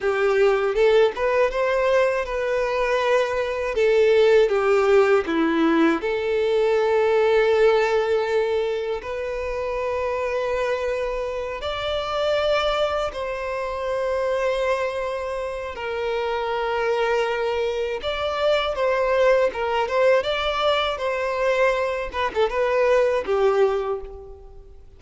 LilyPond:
\new Staff \with { instrumentName = "violin" } { \time 4/4 \tempo 4 = 80 g'4 a'8 b'8 c''4 b'4~ | b'4 a'4 g'4 e'4 | a'1 | b'2.~ b'8 d''8~ |
d''4. c''2~ c''8~ | c''4 ais'2. | d''4 c''4 ais'8 c''8 d''4 | c''4. b'16 a'16 b'4 g'4 | }